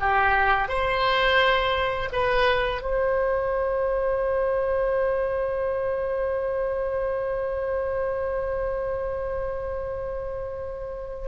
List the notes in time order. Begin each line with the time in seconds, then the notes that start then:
0.00 G4
0.68 C5
2.12 B4
2.81 C5